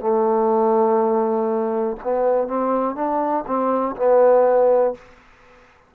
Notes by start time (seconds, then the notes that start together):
0.00 A3
2.04 B3
2.48 C4
2.95 D4
3.46 C4
3.96 B3